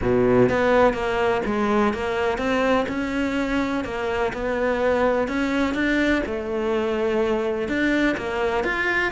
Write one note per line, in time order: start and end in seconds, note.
0.01 0.49 B2
0.49 0.93 B3
0.93 1.41 A#3
1.45 1.93 G#3
1.93 2.38 A#3
2.38 2.86 C4
2.88 3.84 C#4
3.84 4.32 A#3
4.33 5.28 B3
5.28 5.74 C#4
5.74 6.22 D4
6.26 7.68 A3
7.68 8.16 D4
8.17 8.64 A#3
8.64 9.12 F4